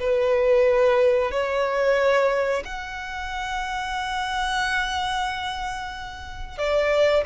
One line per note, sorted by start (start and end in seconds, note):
0.00 1.32 B4
1.32 2.63 C#5
2.65 6.58 F#5
6.58 7.24 D5